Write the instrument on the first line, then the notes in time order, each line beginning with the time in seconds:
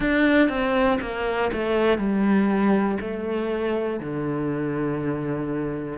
cello
0.00 D4
0.48 C4
1.00 A#3
1.53 A3
1.97 G3
3.00 A3
4.00 D3